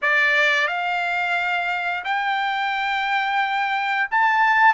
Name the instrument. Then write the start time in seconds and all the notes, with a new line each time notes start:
trumpet
0.02 D5
0.67 F5
2.04 G5
4.10 A5